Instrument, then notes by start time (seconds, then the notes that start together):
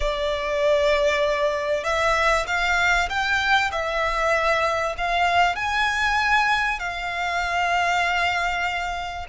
violin
0.00 D5
1.84 E5
2.47 F5
3.09 G5
3.71 E5
4.97 F5
5.55 G#5
6.79 F5